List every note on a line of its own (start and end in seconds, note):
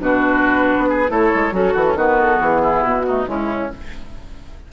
0.00 0.77 B2
0.00 1.08 D4
0.00 0.89 F#4
0.00 1.11 B4
0.78 1.10 B3
0.89 1.11 G#4
1.08 1.32 A3
1.08 1.52 E4
1.08 1.54 A4
1.08 1.55 C#5
1.35 1.52 G#3
1.52 1.74 F#3
1.52 1.73 C#4
1.52 1.96 F#4
1.52 1.98 A4
1.73 1.95 E3
1.73 1.84 F#4
1.86 1.97 C#4
1.95 2.39 D#3
1.95 3.06 B3
1.95 2.62 F#4
1.95 2.20 B4
2.21 2.41 A4
2.41 2.84 E3
2.41 2.84 G#4
2.62 3.06 E4
2.84 3.27 B2
2.84 3.27 F#4
3.07 3.25 A3
3.07 3.29 D#4
3.25 3.71 C#3
3.25 3.69 G#3
3.25 3.73 C#4
3.25 3.73 E4